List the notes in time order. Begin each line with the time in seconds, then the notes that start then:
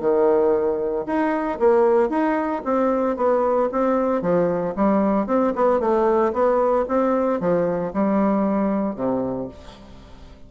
0.00 D#3
1.06 D#4
1.59 A#3
2.09 D#4
2.64 C4
3.17 B3
3.72 C4
4.22 F3
4.76 G3
5.27 C4
5.55 B3
5.80 A3
6.33 B3
6.88 C4
7.40 F3
7.93 G3
8.95 C3